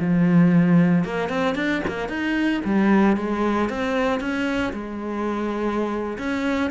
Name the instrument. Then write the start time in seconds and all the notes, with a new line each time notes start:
cello
0.00 F3
1.05 A#3
1.30 C4
1.56 D4
1.88 A#3
2.09 D#4
2.65 G3
3.17 G#3
3.70 C4
4.21 C#4
4.74 G#3
6.18 C#4